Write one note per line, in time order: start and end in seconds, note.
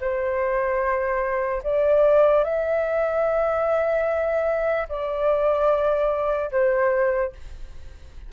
0.00 1.62 C5
1.63 2.44 D5
2.44 4.87 E5
4.89 6.51 D5
6.51 7.32 C5